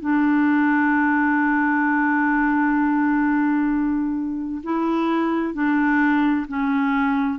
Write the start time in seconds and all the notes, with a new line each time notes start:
0.00 D4
4.63 E4
5.54 D4
6.48 C#4